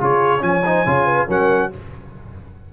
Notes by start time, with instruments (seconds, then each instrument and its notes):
0.00 tuba C#3, trombone F4, horn G#4, trumpet C#5
0.40 tuba F3, trombone C#4, trumpet G#5
0.46 horn C#5
0.66 trombone D#4, horn C5
0.86 tuba C#3, trombone F4, horn C#5
1.06 horn B4
1.29 tuba F#3, trombone C#4, horn A#4, trumpet F#5